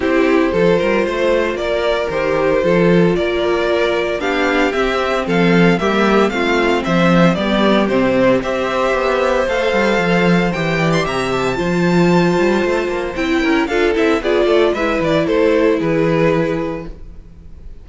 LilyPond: <<
  \new Staff \with { instrumentName = "violin" } { \time 4/4 \tempo 4 = 114 c''2. d''4 | c''2 d''2 | f''4 e''4 f''4 e''4 | f''4 e''4 d''4 c''4 |
e''2 f''2 | g''8. c'''16 ais''8 a''2~ a''8~ | a''4 g''4 f''8 e''8 d''4 | e''8 d''8 c''4 b'2 | }
  \new Staff \with { instrumentName = "violin" } { \time 4/4 g'4 a'8 ais'8 c''4 ais'4~ | ais'4 a'4 ais'2 | g'2 a'4 g'4 | f'4 c''4 g'2 |
c''1~ | c''8 d''8 e''4 c''2~ | c''4. ais'8 a'4 gis'8 a'8 | b'4 a'4 gis'2 | }
  \new Staff \with { instrumentName = "viola" } { \time 4/4 e'4 f'2. | g'4 f'2. | d'4 c'2 ais4 | c'2 b4 c'4 |
g'2 a'2 | g'2 f'2~ | f'4 e'4 f'8 e'8 f'4 | e'1 | }
  \new Staff \with { instrumentName = "cello" } { \time 4/4 c'4 f8 g8 a4 ais4 | dis4 f4 ais2 | b4 c'4 f4 g4 | a4 f4 g4 c4 |
c'4 b4 a8 g8 f4 | e4 c4 f4. g8 | a8 ais8 c'8 cis'8 d'8 c'8 b8 a8 | gis8 e8 a4 e2 | }
>>